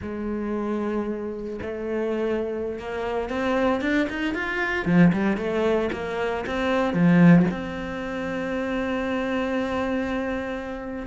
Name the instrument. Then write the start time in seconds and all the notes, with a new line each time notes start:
cello
0.01 G#3
1.61 A3
2.79 A#3
3.29 C4
3.81 D4
4.09 D#4
4.34 F4
4.85 F3
5.12 G3
5.37 A3
5.92 A#3
6.46 C4
6.93 F3
7.50 C4